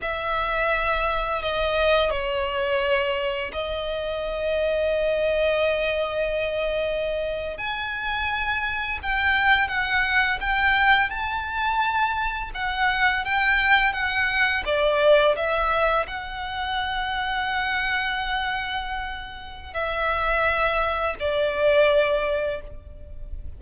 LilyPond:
\new Staff \with { instrumentName = "violin" } { \time 4/4 \tempo 4 = 85 e''2 dis''4 cis''4~ | cis''4 dis''2.~ | dis''2~ dis''8. gis''4~ gis''16~ | gis''8. g''4 fis''4 g''4 a''16~ |
a''4.~ a''16 fis''4 g''4 fis''16~ | fis''8. d''4 e''4 fis''4~ fis''16~ | fis''1 | e''2 d''2 | }